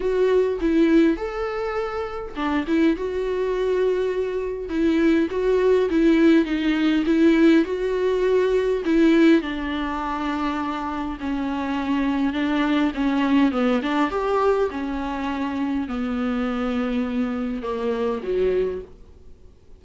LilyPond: \new Staff \with { instrumentName = "viola" } { \time 4/4 \tempo 4 = 102 fis'4 e'4 a'2 | d'8 e'8 fis'2. | e'4 fis'4 e'4 dis'4 | e'4 fis'2 e'4 |
d'2. cis'4~ | cis'4 d'4 cis'4 b8 d'8 | g'4 cis'2 b4~ | b2 ais4 fis4 | }